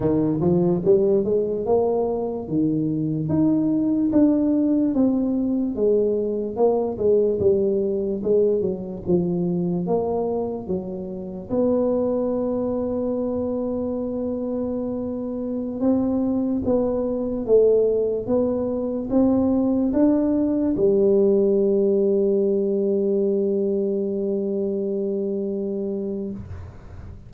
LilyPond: \new Staff \with { instrumentName = "tuba" } { \time 4/4 \tempo 4 = 73 dis8 f8 g8 gis8 ais4 dis4 | dis'4 d'4 c'4 gis4 | ais8 gis8 g4 gis8 fis8 f4 | ais4 fis4 b2~ |
b2.~ b16 c'8.~ | c'16 b4 a4 b4 c'8.~ | c'16 d'4 g2~ g8.~ | g1 | }